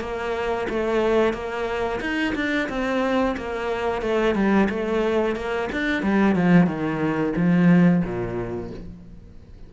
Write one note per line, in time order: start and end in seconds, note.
0.00 0.67 A#3
0.69 1.33 A3
1.33 2.00 A#3
2.00 2.34 D#4
2.35 2.68 D4
2.69 3.35 C4
3.37 4.02 A#3
4.02 4.35 A3
4.35 4.68 G3
4.69 5.35 A3
5.35 5.69 A#3
5.72 6.02 D4
6.02 6.35 G3
6.35 6.66 F3
6.66 7.33 D#3
7.36 8.03 F3
8.04 8.70 A#2